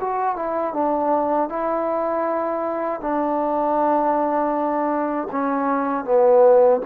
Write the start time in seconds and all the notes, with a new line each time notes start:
0.00 F#4
0.36 E4
0.74 D4
1.49 E4
3.00 D4
5.32 C#4
6.04 B3